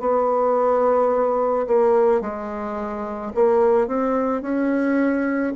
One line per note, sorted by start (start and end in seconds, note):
0.00 1.67 B3
1.67 2.22 A#3
2.22 3.33 G#3
3.35 3.88 A#3
3.88 4.42 C4
4.42 5.54 C#4